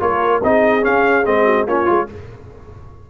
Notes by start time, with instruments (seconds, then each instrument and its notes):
0.00 tuba A#3, trombone F4, horn A#4, trumpet C#5
0.43 tuba C4, trombone D#4, horn G#4, trumpet D#5
0.81 trombone C#4, tuba C#4, trumpet F5
1.26 tuba G#3, trombone C4, trumpet D#5
1.44 horn F#4
1.66 tuba A#3, trombone C#4, horn F4, trumpet C#5
1.85 tuba G#3, trombone F4